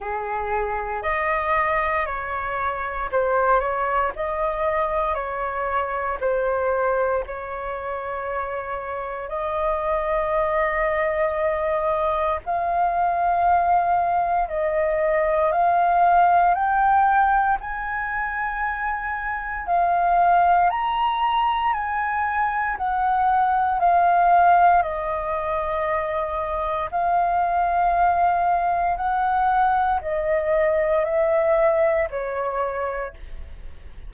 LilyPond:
\new Staff \with { instrumentName = "flute" } { \time 4/4 \tempo 4 = 58 gis'4 dis''4 cis''4 c''8 cis''8 | dis''4 cis''4 c''4 cis''4~ | cis''4 dis''2. | f''2 dis''4 f''4 |
g''4 gis''2 f''4 | ais''4 gis''4 fis''4 f''4 | dis''2 f''2 | fis''4 dis''4 e''4 cis''4 | }